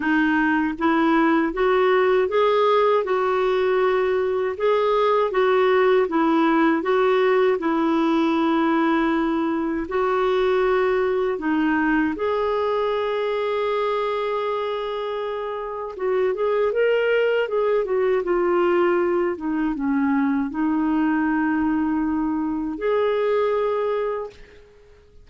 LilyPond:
\new Staff \with { instrumentName = "clarinet" } { \time 4/4 \tempo 4 = 79 dis'4 e'4 fis'4 gis'4 | fis'2 gis'4 fis'4 | e'4 fis'4 e'2~ | e'4 fis'2 dis'4 |
gis'1~ | gis'4 fis'8 gis'8 ais'4 gis'8 fis'8 | f'4. dis'8 cis'4 dis'4~ | dis'2 gis'2 | }